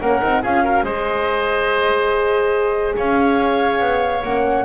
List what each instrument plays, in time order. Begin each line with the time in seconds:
0.00 double bass A#3, horn C#4, oboe A#4, flute F#5
0.21 double bass C4, horn D#4
0.42 double bass C#4, horn F4, oboe G#4, flute F5
0.64 horn F#4, oboe A#4
0.83 double bass G#3, horn G#4, oboe C5, flute D#5
2.96 double bass C#4, oboe C#5, flute F5
3.81 double bass B3
4.23 double bass A#3, horn C#4, flute F#5